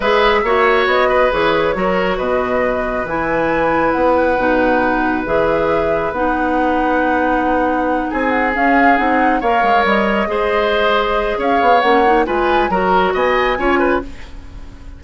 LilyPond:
<<
  \new Staff \with { instrumentName = "flute" } { \time 4/4 \tempo 4 = 137 e''2 dis''4 cis''4~ | cis''4 dis''2 gis''4~ | gis''4 fis''2. | e''2 fis''2~ |
fis''2~ fis''8 gis''8 fis''8 f''8~ | f''8 fis''4 f''4 dis''4.~ | dis''2 f''4 fis''4 | gis''4 ais''4 gis''2 | }
  \new Staff \with { instrumentName = "oboe" } { \time 4/4 b'4 cis''4. b'4. | ais'4 b'2.~ | b'1~ | b'1~ |
b'2~ b'8 gis'4.~ | gis'4. cis''2 c''8~ | c''2 cis''2 | b'4 ais'4 dis''4 cis''8 b'8 | }
  \new Staff \with { instrumentName = "clarinet" } { \time 4/4 gis'4 fis'2 gis'4 | fis'2. e'4~ | e'2 dis'2 | gis'2 dis'2~ |
dis'2.~ dis'8 cis'8~ | cis'8 dis'4 ais'2 gis'8~ | gis'2. cis'8 dis'8 | f'4 fis'2 f'4 | }
  \new Staff \with { instrumentName = "bassoon" } { \time 4/4 gis4 ais4 b4 e4 | fis4 b,2 e4~ | e4 b4 b,2 | e2 b2~ |
b2~ b8 c'4 cis'8~ | cis'8 c'4 ais8 gis8 g4 gis8~ | gis2 cis'8 b8 ais4 | gis4 fis4 b4 cis'4 | }
>>